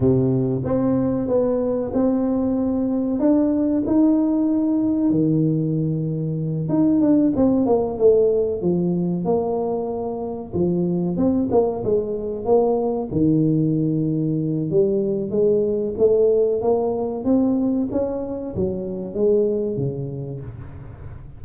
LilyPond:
\new Staff \with { instrumentName = "tuba" } { \time 4/4 \tempo 4 = 94 c4 c'4 b4 c'4~ | c'4 d'4 dis'2 | dis2~ dis8 dis'8 d'8 c'8 | ais8 a4 f4 ais4.~ |
ais8 f4 c'8 ais8 gis4 ais8~ | ais8 dis2~ dis8 g4 | gis4 a4 ais4 c'4 | cis'4 fis4 gis4 cis4 | }